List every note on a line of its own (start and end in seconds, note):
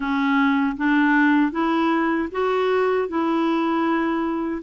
0.00 0.76 C#4
0.77 1.51 D4
1.51 2.28 E4
2.31 3.08 F#4
3.08 4.62 E4